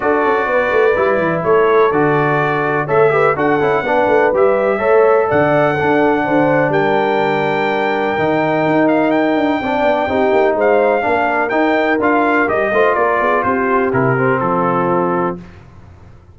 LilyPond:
<<
  \new Staff \with { instrumentName = "trumpet" } { \time 4/4 \tempo 4 = 125 d''2. cis''4 | d''2 e''4 fis''4~ | fis''4 e''2 fis''4~ | fis''2 g''2~ |
g''2~ g''8 f''8 g''4~ | g''2 f''2 | g''4 f''4 dis''4 d''4 | c''4 ais'4 a'2 | }
  \new Staff \with { instrumentName = "horn" } { \time 4/4 a'4 b'2 a'4~ | a'2 cis''8 b'8 a'4 | b'2 cis''4 d''4 | a'4 c''4 ais'2~ |
ais'1 | d''4 g'4 c''4 ais'4~ | ais'2~ ais'8 c''8 ais'8 gis'8 | g'2 f'2 | }
  \new Staff \with { instrumentName = "trombone" } { \time 4/4 fis'2 e'2 | fis'2 a'8 g'8 fis'8 e'8 | d'4 g'4 a'2 | d'1~ |
d'4 dis'2. | d'4 dis'2 d'4 | dis'4 f'4 g'8 f'4.~ | f'4 e'8 c'2~ c'8 | }
  \new Staff \with { instrumentName = "tuba" } { \time 4/4 d'8 cis'8 b8 a8 g8 e8 a4 | d2 a4 d'8 cis'8 | b8 a8 g4 a4 d4 | d'4 d4 g2~ |
g4 dis4 dis'4. d'8 | c'8 b8 c'8 ais8 gis4 ais4 | dis'4 d'4 g8 a8 ais8 b8 | c'4 c4 f2 | }
>>